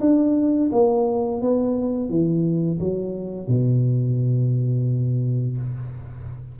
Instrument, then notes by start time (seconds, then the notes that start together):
tuba
0.00 D4
0.71 A#3
1.41 B3
2.09 E3
2.79 F#3
3.48 B2